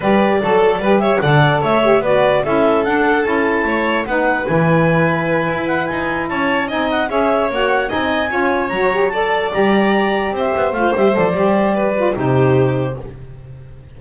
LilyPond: <<
  \new Staff \with { instrumentName = "clarinet" } { \time 4/4 \tempo 4 = 148 d''2~ d''8 e''8 fis''4 | e''4 d''4 e''4 fis''4 | a''2 fis''4 gis''4~ | gis''2 fis''8 gis''4 a''8~ |
a''8 gis''8 fis''8 e''4 fis''4 gis''8~ | gis''4. ais''4 a''4 ais''8~ | ais''4. e''4 f''8 e''8 d''8~ | d''2 c''2 | }
  \new Staff \with { instrumentName = "violin" } { \time 4/4 b'4 a'4 b'8 cis''8 d''4 | cis''4 b'4 a'2~ | a'4 cis''4 b'2~ | b'2.~ b'8 cis''8~ |
cis''8 dis''4 cis''2 dis''8~ | dis''8 cis''2 d''4.~ | d''4. c''2~ c''8~ | c''4 b'4 g'2 | }
  \new Staff \with { instrumentName = "saxophone" } { \time 4/4 g'4 a'4 g'4 a'4~ | a'8 g'8 fis'4 e'4 d'4 | e'2 dis'4 e'4~ | e'1~ |
e'8 dis'4 gis'4 fis'4 dis'8~ | dis'8 f'4 fis'8 g'8 a'4 g'8~ | g'2~ g'8 f'8 g'8 a'8 | g'4. f'8 dis'2 | }
  \new Staff \with { instrumentName = "double bass" } { \time 4/4 g4 fis4 g4 d4 | a4 b4 cis'4 d'4 | cis'4 a4 b4 e4~ | e4. e'4 dis'4 cis'8~ |
cis'8 c'4 cis'4 ais4 c'8~ | c'8 cis'4 fis2 g8~ | g4. c'8 b8 a8 g8 f8 | g2 c2 | }
>>